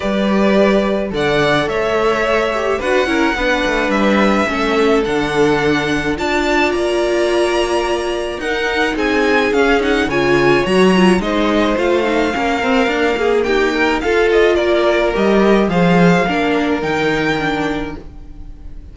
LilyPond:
<<
  \new Staff \with { instrumentName = "violin" } { \time 4/4 \tempo 4 = 107 d''2 fis''4 e''4~ | e''4 fis''2 e''4~ | e''4 fis''2 a''4 | ais''2. fis''4 |
gis''4 f''8 fis''8 gis''4 ais''4 | dis''4 f''2. | g''4 f''8 dis''8 d''4 dis''4 | f''2 g''2 | }
  \new Staff \with { instrumentName = "violin" } { \time 4/4 b'2 d''4 cis''4~ | cis''4 b'8 ais'8 b'2 | a'2. d''4~ | d''2. ais'4 |
gis'2 cis''2 | c''2 ais'4. gis'8 | g'8 ais'8 a'4 ais'2 | c''4 ais'2. | }
  \new Staff \with { instrumentName = "viola" } { \time 4/4 g'2 a'2~ | a'8 g'8 fis'8 e'8 d'2 | cis'4 d'2 f'4~ | f'2. dis'4~ |
dis'4 cis'8 dis'8 f'4 fis'8 f'8 | dis'4 f'8 dis'8 cis'8 c'8 ais4~ | ais4 f'2 g'4 | gis'4 d'4 dis'4 d'4 | }
  \new Staff \with { instrumentName = "cello" } { \time 4/4 g2 d4 a4~ | a4 d'8 cis'8 b8 a8 g4 | a4 d2 d'4 | ais2. dis'4 |
c'4 cis'4 cis4 fis4 | gis4 a4 ais8 c'8 d'8 ais8 | dis'4 f'4 ais4 g4 | f4 ais4 dis2 | }
>>